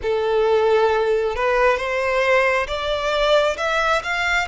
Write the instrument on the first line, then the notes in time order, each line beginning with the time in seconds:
violin
0.02 A4
1.35 B4
1.77 C5
2.67 D5
3.57 E5
4.03 F5